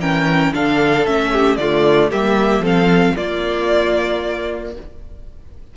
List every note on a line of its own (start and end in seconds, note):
0.00 0.53 E3
0.00 0.53 C#4
0.00 0.53 A#4
0.00 0.53 G5
0.53 1.07 D3
0.53 1.05 D4
0.53 1.32 A4
0.53 1.06 F5
1.05 1.58 A3
1.05 1.58 C#4
1.05 1.57 E5
1.32 1.58 G4
1.57 2.10 D3
1.57 2.12 A3
1.57 2.10 F4
1.57 2.09 D5
2.10 2.59 G3
2.10 2.63 A#3
2.10 2.62 G4
2.10 2.65 E5
2.59 3.12 F3
2.59 3.15 C4
2.59 3.15 A4
2.66 3.16 F5
3.16 4.76 A#3
3.16 4.77 A#3
3.16 4.73 F4
3.16 4.74 D5